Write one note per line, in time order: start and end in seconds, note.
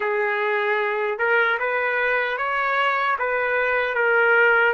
0.00 1.18 G#4
1.18 1.58 A#4
1.59 2.37 B4
2.37 3.16 C#5
3.18 3.94 B4
3.94 4.73 A#4